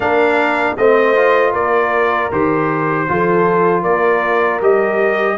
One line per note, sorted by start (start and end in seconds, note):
0.00 0.75 A#3
0.00 0.77 D4
0.00 0.79 A#4
0.00 0.76 F5
0.77 1.54 A3
0.77 1.15 C4
0.77 1.52 C5
0.77 1.54 D#5
1.15 2.31 F4
1.52 2.31 A#3
1.52 3.05 A#4
1.52 2.31 D5
2.32 3.08 D#3
2.32 3.08 G4
2.32 3.83 C5
3.08 3.84 F3
3.08 4.61 F4
3.08 3.82 A4
3.82 4.61 A#3
3.82 5.36 A#4
3.82 4.60 D5
4.61 5.37 G3
4.61 5.37 G4
4.61 5.37 D#5